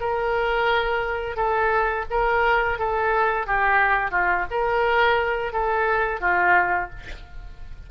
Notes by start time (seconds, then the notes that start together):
0.00 A#4
1.36 A4
2.10 A#4
2.78 A4
3.46 G4
4.11 F4
4.50 A#4
5.52 A4
6.20 F4